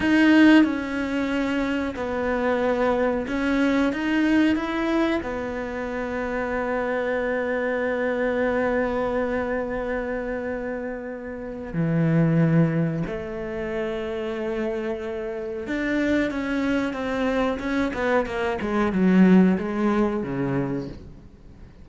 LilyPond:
\new Staff \with { instrumentName = "cello" } { \time 4/4 \tempo 4 = 92 dis'4 cis'2 b4~ | b4 cis'4 dis'4 e'4 | b1~ | b1~ |
b2 e2 | a1 | d'4 cis'4 c'4 cis'8 b8 | ais8 gis8 fis4 gis4 cis4 | }